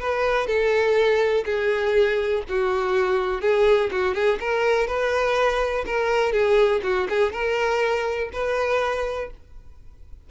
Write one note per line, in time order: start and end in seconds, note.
0.00 0.47 B4
0.47 1.45 A4
1.45 2.43 G#4
2.49 3.41 F#4
3.41 3.90 G#4
3.91 4.15 F#4
4.15 4.39 G#4
4.40 4.87 A#4
4.87 5.85 B4
5.86 6.33 A#4
6.33 6.81 G#4
6.83 7.08 F#4
7.09 7.33 G#4
7.33 8.30 A#4
8.33 9.30 B4